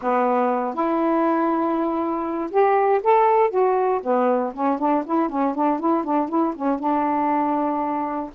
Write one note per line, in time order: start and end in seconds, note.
0.02 0.74 B3
0.74 2.50 E4
2.50 3.01 G4
3.03 3.50 A4
3.50 4.00 F#4
4.02 4.53 B3
4.54 4.79 C#4
4.79 5.04 D4
5.05 5.29 E4
5.29 5.54 C#4
5.54 5.79 D4
5.79 6.03 E4
6.03 6.28 D4
6.28 6.53 E4
6.55 6.79 C#4
6.79 8.30 D4